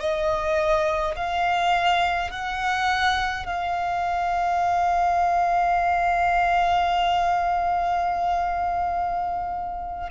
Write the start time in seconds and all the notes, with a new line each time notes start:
0.00 D#5
1.16 F5
2.31 F#5
3.46 F5